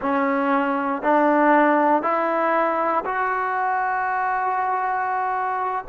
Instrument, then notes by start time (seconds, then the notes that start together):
trombone
0.01 C#4
1.02 D4
2.02 E4
3.05 F#4